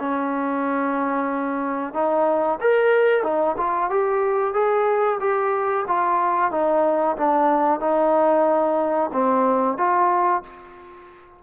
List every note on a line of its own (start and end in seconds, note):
0.00 1.94 C#4
1.94 2.59 D#4
2.61 3.24 A#4
3.24 3.56 D#4
3.58 3.90 F4
3.90 4.54 G4
4.54 5.19 G#4
5.20 5.85 G4
5.88 6.52 F4
6.52 7.17 D#4
7.17 7.81 D4
7.81 9.11 D#4
9.13 9.78 C4
9.78 10.43 F4